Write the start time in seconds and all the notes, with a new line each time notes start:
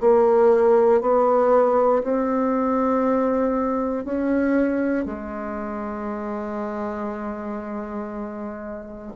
0.00 A#3
1.01 B3
2.03 C4
4.04 C#4
5.05 G#3